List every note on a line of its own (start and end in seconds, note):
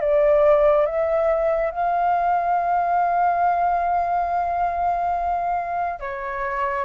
0.00 0.86 D5
0.86 1.71 E5
1.71 6.00 F5
6.00 6.85 C#5